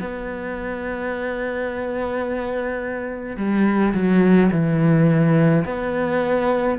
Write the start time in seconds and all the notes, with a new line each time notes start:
0.00 B3
3.37 G3
3.94 F#3
4.51 E3
5.64 B3